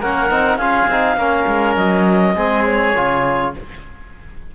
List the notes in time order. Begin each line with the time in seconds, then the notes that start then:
0.00 A#3 C#4 A#4 F#5
0.30 C4 D#4
0.57 C#4 F4 G#4 F5
0.87 C4 D#4
1.16 A#3 C#4 A#4
1.47 G#3
1.76 F#3 D#5
2.35 G#3 C4 G#4
2.66 C#5
2.96 C#3 F4